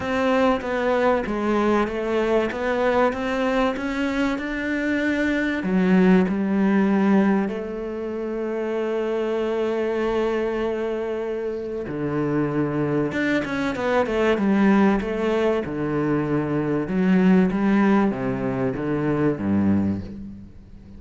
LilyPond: \new Staff \with { instrumentName = "cello" } { \time 4/4 \tempo 4 = 96 c'4 b4 gis4 a4 | b4 c'4 cis'4 d'4~ | d'4 fis4 g2 | a1~ |
a2. d4~ | d4 d'8 cis'8 b8 a8 g4 | a4 d2 fis4 | g4 c4 d4 g,4 | }